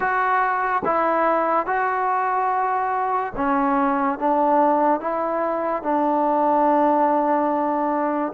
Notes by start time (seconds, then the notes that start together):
0.00 F#4
0.84 E4
1.66 F#4
3.36 C#4
4.19 D4
5.00 E4
5.83 D4